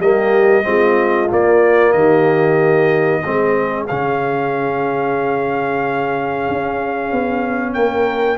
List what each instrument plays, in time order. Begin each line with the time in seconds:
0.00 tuba G3, trombone A#3, horn G4, trumpet D#5
0.64 tuba G#3, trombone C4, horn F4
1.30 trombone A#3, tuba A#3, trumpet D5
1.93 tuba D#3, horn G4, trumpet D#5
3.22 tuba G#3, trombone C4, horn G#4
3.88 tuba C#3, trombone C#4, trumpet F5
6.49 tuba C#4
7.13 tuba B3
7.74 tuba A#3, horn A#4, trumpet G5